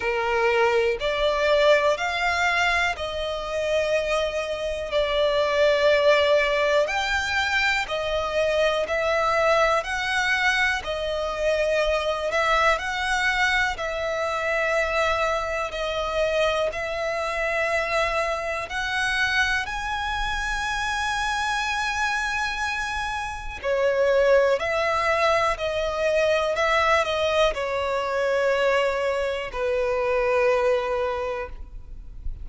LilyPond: \new Staff \with { instrumentName = "violin" } { \time 4/4 \tempo 4 = 61 ais'4 d''4 f''4 dis''4~ | dis''4 d''2 g''4 | dis''4 e''4 fis''4 dis''4~ | dis''8 e''8 fis''4 e''2 |
dis''4 e''2 fis''4 | gis''1 | cis''4 e''4 dis''4 e''8 dis''8 | cis''2 b'2 | }